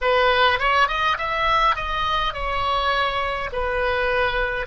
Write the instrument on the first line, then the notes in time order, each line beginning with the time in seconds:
oboe
0.01 B4
0.59 C#5
0.88 D#5
1.17 E5
1.75 D#5
2.33 C#5
3.52 B4